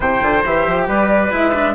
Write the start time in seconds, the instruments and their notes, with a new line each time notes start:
0.00 bassoon C3, cello E4, trumpet C5, flute G5
0.22 bassoon D3, cello F4
0.45 bassoon E3, cello G4, flute E5
0.67 bassoon F3
0.87 bassoon G3, trumpet B4, flute D5
1.31 bassoon G#3, cello E4, flute E5
1.53 cello D4